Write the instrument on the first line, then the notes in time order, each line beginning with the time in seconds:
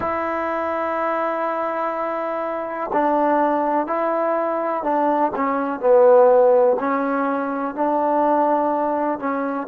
trombone
0.00 E4
2.93 D4
3.87 E4
4.83 D4
5.35 C#4
5.79 B3
6.79 C#4
7.74 D4
9.19 C#4